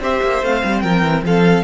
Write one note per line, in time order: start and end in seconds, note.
0.00 0.20 C4
0.00 0.43 G4
0.00 0.83 C5
0.00 0.44 E5
0.23 0.42 A#3
0.42 0.63 A3
0.42 1.64 C4
0.42 0.81 F5
0.64 0.83 G3
0.81 1.02 F3
0.81 1.24 A#4
0.81 1.22 G5
1.02 1.22 E3
1.23 1.64 F3
1.23 1.64 A4
1.23 1.64 F5